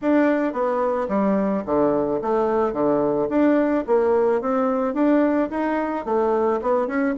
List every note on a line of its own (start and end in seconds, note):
0.02 0.52 D4
0.52 1.07 B3
1.08 1.63 G3
1.65 2.20 D3
2.21 2.72 A3
2.72 3.28 D3
3.29 3.84 D4
3.86 4.41 A#3
4.41 4.94 C4
4.94 5.49 D4
5.50 6.05 D#4
6.05 6.60 A3
6.61 6.87 B3
6.87 7.14 C#4